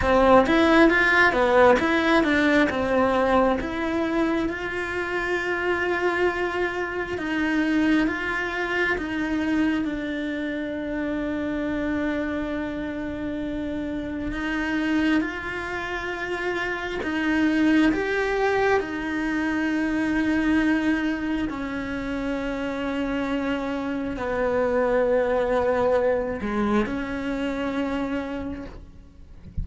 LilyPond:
\new Staff \with { instrumentName = "cello" } { \time 4/4 \tempo 4 = 67 c'8 e'8 f'8 b8 e'8 d'8 c'4 | e'4 f'2. | dis'4 f'4 dis'4 d'4~ | d'1 |
dis'4 f'2 dis'4 | g'4 dis'2. | cis'2. b4~ | b4. gis8 cis'2 | }